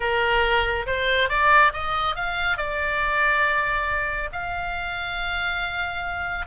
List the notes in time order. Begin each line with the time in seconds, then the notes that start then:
0.00 A#4
0.86 C5
1.29 D5
1.73 D#5
2.15 F5
2.57 D5
4.32 F5